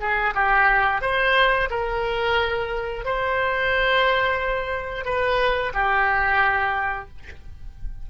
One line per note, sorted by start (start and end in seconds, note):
0.00 0.34 G#4
0.34 1.01 G4
1.01 1.69 C5
1.70 3.05 A#4
3.05 5.05 C5
5.05 5.72 B4
5.74 7.08 G4